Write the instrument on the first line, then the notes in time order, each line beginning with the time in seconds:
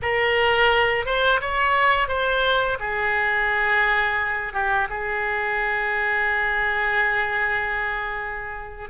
oboe
0.02 A#4
1.05 C5
1.40 C#5
2.08 C5
2.79 G#4
4.53 G4
4.89 G#4